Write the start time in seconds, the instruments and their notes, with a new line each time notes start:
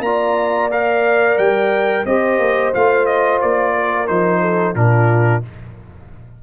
0.00 tuba A#3, trombone F4, horn D5, trumpet A#5
0.71 trombone A#4, trumpet F5
1.38 tuba G3, trumpet G5
2.05 tuba C4, trombone G4, horn C5, trumpet D#5
2.39 tuba A#3
2.74 tuba A3, trombone F4, trumpet F5
3.06 trumpet D#5
3.41 tuba A#3, trumpet D5
3.75 horn A#4
4.07 tuba F3, trombone D#4, trumpet C5
4.41 horn A4
4.75 tuba A#2, trombone D4, horn F4, trumpet A#4